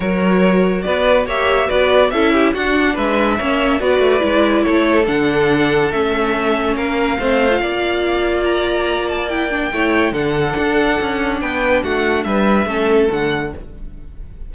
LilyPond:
<<
  \new Staff \with { instrumentName = "violin" } { \time 4/4 \tempo 4 = 142 cis''2 d''4 e''4 | d''4 e''4 fis''4 e''4~ | e''4 d''2 cis''4 | fis''2 e''2 |
f''1 | ais''4. a''8 g''2 | fis''2. g''4 | fis''4 e''2 fis''4 | }
  \new Staff \with { instrumentName = "violin" } { \time 4/4 ais'2 b'4 cis''4 | b'4 a'8 g'8 fis'4 b'4 | cis''4 b'2 a'4~ | a'1 |
ais'4 c''4 d''2~ | d''2. cis''4 | a'2. b'4 | fis'4 b'4 a'2 | }
  \new Staff \with { instrumentName = "viola" } { \time 4/4 fis'2. g'4 | fis'4 e'4 d'2 | cis'4 fis'4 e'2 | d'2 cis'2~ |
cis'4 c'8. f'2~ f'16~ | f'2 e'8 d'8 e'4 | d'1~ | d'2 cis'4 a4 | }
  \new Staff \with { instrumentName = "cello" } { \time 4/4 fis2 b4 ais4 | b4 cis'4 d'4 gis4 | ais4 b8 a8 gis4 a4 | d2 a2 |
ais4 a4 ais2~ | ais2. a4 | d4 d'4 cis'4 b4 | a4 g4 a4 d4 | }
>>